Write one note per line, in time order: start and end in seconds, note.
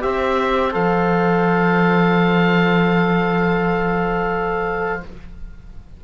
0.00 0.74 C4
0.00 0.71 G4
0.00 5.04 C5
0.00 0.73 E5
0.71 5.03 F3
0.71 5.00 A4
0.71 5.02 F5